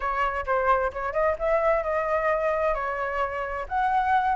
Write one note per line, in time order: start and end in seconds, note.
0.00 0.45 C#5
0.45 0.91 C5
0.92 1.12 C#5
1.12 1.35 D#5
1.39 1.83 E5
1.83 2.74 D#5
2.74 3.66 C#5
3.68 4.35 F#5